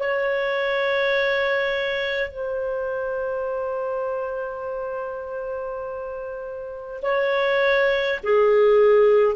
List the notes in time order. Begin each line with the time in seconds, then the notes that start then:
0.00 C#5
2.30 C5
7.03 C#5
8.24 G#4